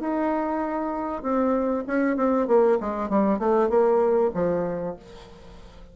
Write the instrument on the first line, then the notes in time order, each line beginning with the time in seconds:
bassoon
0.00 D#4
1.23 C4
1.87 C#4
2.16 C4
2.47 A#3
2.80 G#3
3.09 G3
3.39 A3
3.69 A#3
4.34 F3